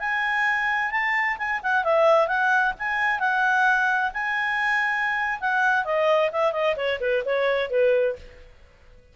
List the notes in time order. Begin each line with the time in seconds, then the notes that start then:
0.00 G#5
0.92 A5
1.38 G#5
1.63 F#5
1.84 E5
2.28 F#5
2.79 G#5
3.20 F#5
4.14 G#5
5.40 F#5
5.85 D#5
6.32 E5
6.52 D#5
6.77 C#5
7.01 B4
7.26 C#5
7.70 B4